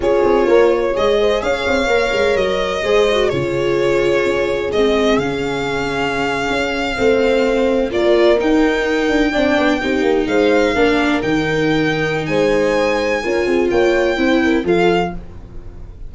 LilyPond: <<
  \new Staff \with { instrumentName = "violin" } { \time 4/4 \tempo 4 = 127 cis''2 dis''4 f''4~ | f''4 dis''2 cis''4~ | cis''2 dis''4 f''4~ | f''1~ |
f''8. d''4 g''2~ g''16~ | g''4.~ g''16 f''2 g''16~ | g''2 gis''2~ | gis''4 g''2 f''4 | }
  \new Staff \with { instrumentName = "horn" } { \time 4/4 gis'4 ais'8 cis''4 c''8 cis''4~ | cis''2 c''4 gis'4~ | gis'1~ | gis'2~ gis'8. c''4~ c''16~ |
c''8. ais'2. d''16~ | d''8. g'4 c''4 ais'4~ ais'16~ | ais'2 c''2 | ais'8 gis'8 cis''4 c''8 ais'8 a'4 | }
  \new Staff \with { instrumentName = "viola" } { \time 4/4 f'2 gis'2 | ais'2 gis'8 fis'8 f'4~ | f'2 c'4 cis'4~ | cis'2~ cis'8. c'4~ c'16~ |
c'8. f'4 dis'2 d'16~ | d'8. dis'2 d'4 dis'16~ | dis'1 | f'2 e'4 f'4 | }
  \new Staff \with { instrumentName = "tuba" } { \time 4/4 cis'8 c'8 ais4 gis4 cis'8 c'8 | ais8 gis8 fis4 gis4 cis4~ | cis4 cis'4 gis4 cis4~ | cis4.~ cis16 cis'4 a4~ a16~ |
a8. ais4 dis'4. d'8 c'16~ | c'16 b8 c'8 ais8 gis4 ais4 dis16~ | dis2 gis2 | cis'8 c'8 ais4 c'4 f4 | }
>>